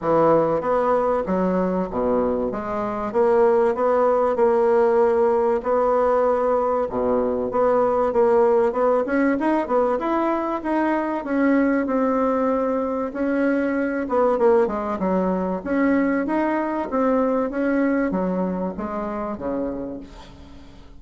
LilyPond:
\new Staff \with { instrumentName = "bassoon" } { \time 4/4 \tempo 4 = 96 e4 b4 fis4 b,4 | gis4 ais4 b4 ais4~ | ais4 b2 b,4 | b4 ais4 b8 cis'8 dis'8 b8 |
e'4 dis'4 cis'4 c'4~ | c'4 cis'4. b8 ais8 gis8 | fis4 cis'4 dis'4 c'4 | cis'4 fis4 gis4 cis4 | }